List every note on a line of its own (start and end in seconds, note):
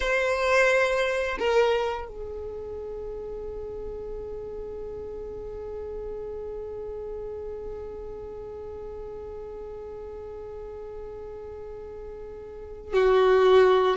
0.00 1.37 C5
1.39 2.08 A#4
2.08 12.93 G#4
12.93 13.96 F#4